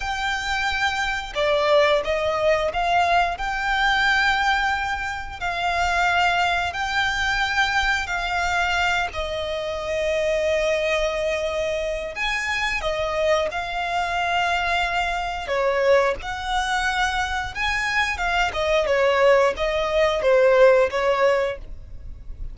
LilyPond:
\new Staff \with { instrumentName = "violin" } { \time 4/4 \tempo 4 = 89 g''2 d''4 dis''4 | f''4 g''2. | f''2 g''2 | f''4. dis''2~ dis''8~ |
dis''2 gis''4 dis''4 | f''2. cis''4 | fis''2 gis''4 f''8 dis''8 | cis''4 dis''4 c''4 cis''4 | }